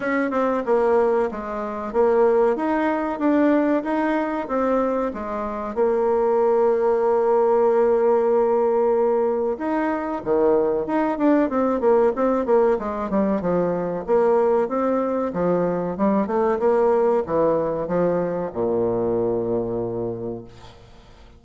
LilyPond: \new Staff \with { instrumentName = "bassoon" } { \time 4/4 \tempo 4 = 94 cis'8 c'8 ais4 gis4 ais4 | dis'4 d'4 dis'4 c'4 | gis4 ais2.~ | ais2. dis'4 |
dis4 dis'8 d'8 c'8 ais8 c'8 ais8 | gis8 g8 f4 ais4 c'4 | f4 g8 a8 ais4 e4 | f4 ais,2. | }